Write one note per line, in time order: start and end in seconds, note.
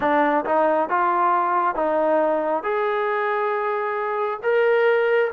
0.00 0.44 D4
0.45 0.89 D#4
0.89 1.75 F4
1.75 2.63 D#4
2.63 4.39 G#4
4.42 5.31 A#4